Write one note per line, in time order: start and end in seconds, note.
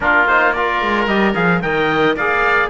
0.00 0.81 A#3
0.00 0.26 D4
0.00 0.55 F4
0.00 0.27 A#4
0.27 0.56 D#4
0.27 0.52 C5
0.52 1.09 F4
0.52 1.63 A#4
0.52 1.06 D5
0.81 1.07 G#3
1.07 1.34 G3
1.07 1.34 G4
1.07 1.34 D#5
1.34 1.62 F3
1.34 1.61 G#4
1.34 1.61 F5
1.61 2.16 D#3
1.61 2.16 A#4
1.61 2.16 D#5
1.61 2.15 G5
2.16 2.69 A#3
2.16 2.69 G#4
2.16 2.69 D5
2.16 2.69 F5